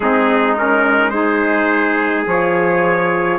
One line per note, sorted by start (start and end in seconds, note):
0.00 2.25 G#3
0.00 0.56 C4
0.00 1.13 D#4
0.00 0.56 G#4
0.56 1.12 C#4
0.56 1.10 A#4
1.10 2.25 D#4
1.10 3.38 G#4
1.10 2.23 C5
2.26 3.38 F3
2.26 3.38 F4
2.26 3.38 C#5